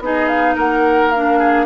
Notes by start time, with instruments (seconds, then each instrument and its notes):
0.00 bassoon B3, clarinet D#4, oboe G#4, flute D#5
0.28 flute F5
0.55 bassoon A#3, oboe A#4, flute F#5
1.11 clarinet D4, flute F5
1.39 oboe G#4